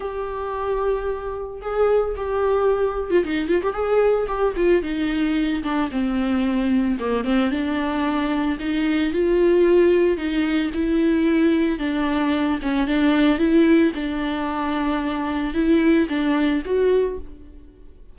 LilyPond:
\new Staff \with { instrumentName = "viola" } { \time 4/4 \tempo 4 = 112 g'2. gis'4 | g'4.~ g'16 f'16 dis'8 f'16 g'16 gis'4 | g'8 f'8 dis'4. d'8 c'4~ | c'4 ais8 c'8 d'2 |
dis'4 f'2 dis'4 | e'2 d'4. cis'8 | d'4 e'4 d'2~ | d'4 e'4 d'4 fis'4 | }